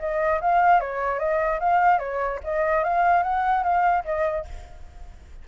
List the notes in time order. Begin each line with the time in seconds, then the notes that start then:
0.00 D#5
0.41 F5
0.81 C#5
1.19 D#5
1.60 F5
1.99 C#5
2.45 D#5
2.84 F5
3.24 F#5
3.64 F5
4.05 D#5